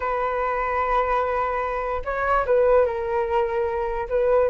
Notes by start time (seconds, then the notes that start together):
0.00 B4
2.04 C#5
2.46 B4
2.85 A#4
4.09 B4